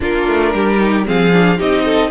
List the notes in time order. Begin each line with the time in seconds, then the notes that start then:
0.00 A#3 D4 F4 A#4
0.27 A3
0.54 G3 G4
0.78 D#4
1.05 F3 C4 G#4 F5
1.32 D4
1.57 C4 D#4 G4 D#5
1.84 A4